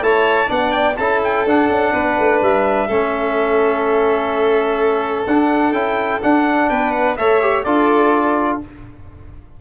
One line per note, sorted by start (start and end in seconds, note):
0.00 0.48 A3
0.00 0.47 E4
0.00 0.49 C#5
0.00 0.51 A5
0.47 0.98 B3
0.47 0.95 D4
0.47 0.97 D5
0.47 0.72 F#5
0.72 0.96 G5
0.97 1.45 C#4
0.97 1.47 E4
0.97 1.92 A4
0.97 1.21 A5
1.24 1.48 G5
1.45 1.69 D4
1.45 2.90 D4
1.45 2.42 F#5
1.69 1.93 C#4
1.92 2.18 B3
1.92 2.87 B4
2.19 2.42 A3
2.42 2.89 G3
2.42 5.27 E5
2.87 5.27 A3
2.87 5.28 C#4
2.87 6.68 A4
5.27 5.72 D4
5.27 5.74 D4
5.27 5.73 F#5
5.72 6.19 C#4
5.72 6.21 E4
5.72 6.20 G5
6.22 7.18 D4
6.22 6.70 D4
6.22 6.70 F#5
6.70 7.18 B3
6.70 7.18 B4
6.70 6.92 G5
6.92 7.16 F#5
7.17 7.66 A3
7.17 7.41 A4
7.17 7.65 C#5
7.17 7.64 E5
7.41 7.65 G4
7.64 8.61 D4
7.64 8.62 F4
7.64 8.60 A4
7.64 8.59 D5